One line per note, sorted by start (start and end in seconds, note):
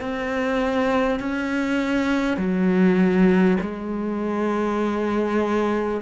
0.00 1.19 C4
1.19 2.37 C#4
2.37 3.57 F#3
3.60 6.00 G#3